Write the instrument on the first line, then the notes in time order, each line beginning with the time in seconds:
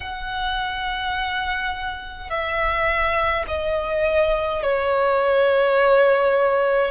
violin
0.00 F#5
2.30 E5
3.47 D#5
4.62 C#5